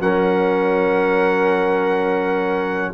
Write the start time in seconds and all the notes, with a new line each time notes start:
0.00 F#3 C#4 A#4 F#5